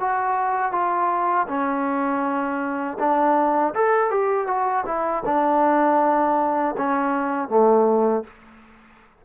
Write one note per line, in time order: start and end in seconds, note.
0.00 0.72 F#4
0.72 1.47 F4
1.48 2.98 C#4
2.99 3.74 D4
3.74 4.10 A4
4.10 4.47 G4
4.47 4.84 F#4
4.86 5.23 E4
5.25 6.75 D4
6.77 7.49 C#4
7.49 8.24 A3